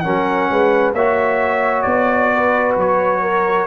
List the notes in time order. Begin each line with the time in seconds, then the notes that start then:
0.00 F#3 C#4 A#4 F#5
0.50 G#3 B4
0.93 A#3 F#4 C#5 E5
1.82 B3 D5
2.35 B4
2.76 F#3 C#5
3.22 A#4